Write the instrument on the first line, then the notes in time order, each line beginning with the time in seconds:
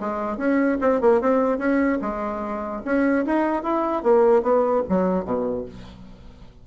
bassoon
0.00 G#3
0.37 C#4
0.81 C4
1.01 A#3
1.21 C4
1.58 C#4
2.01 G#3
2.85 C#4
3.26 D#4
3.63 E4
4.03 A#3
4.42 B3
4.89 F#3
5.25 B2